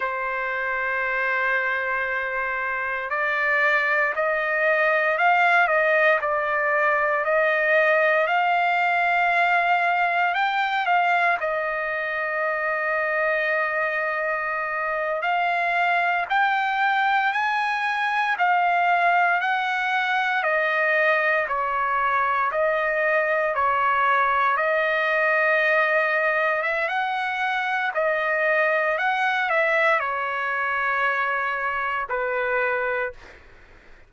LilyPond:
\new Staff \with { instrumentName = "trumpet" } { \time 4/4 \tempo 4 = 58 c''2. d''4 | dis''4 f''8 dis''8 d''4 dis''4 | f''2 g''8 f''8 dis''4~ | dis''2~ dis''8. f''4 g''16~ |
g''8. gis''4 f''4 fis''4 dis''16~ | dis''8. cis''4 dis''4 cis''4 dis''16~ | dis''4.~ dis''16 e''16 fis''4 dis''4 | fis''8 e''8 cis''2 b'4 | }